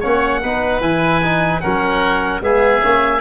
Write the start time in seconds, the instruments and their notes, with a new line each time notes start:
0.00 tuba A#3, trombone C#4, oboe C#5 F#5
0.43 tuba B3, trombone D#4, oboe B4
0.80 tuba E3, trombone E4, oboe G#5
1.22 trombone D#4
1.60 tuba F#3, trombone C#4, oboe A#4 F#5
2.41 tuba G#3, trombone B3, oboe G#4 E5
2.82 tuba A#3, trombone C#4